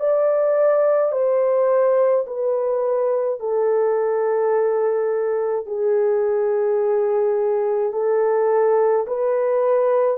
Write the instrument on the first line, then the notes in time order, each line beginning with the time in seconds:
horn
0.00 D5
1.12 C5
2.27 B4
3.40 A4
5.67 G#4
7.93 A4
9.07 B4